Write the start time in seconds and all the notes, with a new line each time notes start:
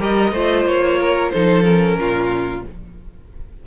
0.00 G3 G4 A#4 D#5
0.32 A3 F4 C5
0.65 A#3 C#5
0.99 A#4
1.30 F3 D#4 A4 C5
1.63 C#4 A#4
1.98 A#2 F4